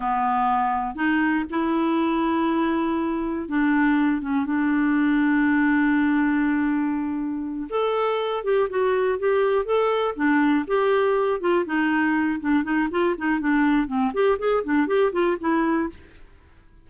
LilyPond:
\new Staff \with { instrumentName = "clarinet" } { \time 4/4 \tempo 4 = 121 b2 dis'4 e'4~ | e'2. d'4~ | d'8 cis'8 d'2.~ | d'2.~ d'8 a'8~ |
a'4 g'8 fis'4 g'4 a'8~ | a'8 d'4 g'4. f'8 dis'8~ | dis'4 d'8 dis'8 f'8 dis'8 d'4 | c'8 g'8 gis'8 d'8 g'8 f'8 e'4 | }